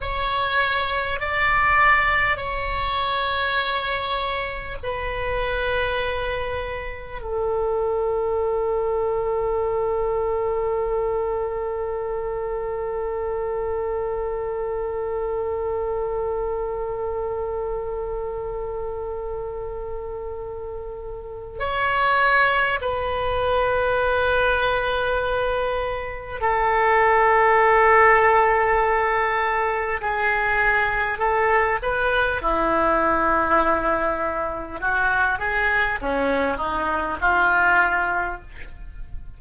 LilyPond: \new Staff \with { instrumentName = "oboe" } { \time 4/4 \tempo 4 = 50 cis''4 d''4 cis''2 | b'2 a'2~ | a'1~ | a'1~ |
a'2 cis''4 b'4~ | b'2 a'2~ | a'4 gis'4 a'8 b'8 e'4~ | e'4 fis'8 gis'8 cis'8 dis'8 f'4 | }